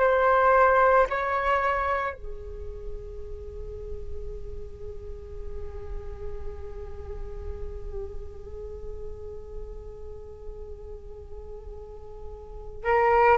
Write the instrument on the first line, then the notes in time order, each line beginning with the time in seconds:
flute
0.00 C5
1.10 C#5
2.14 G#4
12.84 A#4